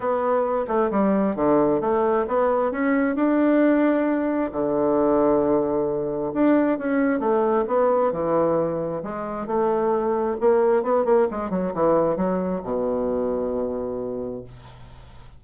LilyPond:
\new Staff \with { instrumentName = "bassoon" } { \time 4/4 \tempo 4 = 133 b4. a8 g4 d4 | a4 b4 cis'4 d'4~ | d'2 d2~ | d2 d'4 cis'4 |
a4 b4 e2 | gis4 a2 ais4 | b8 ais8 gis8 fis8 e4 fis4 | b,1 | }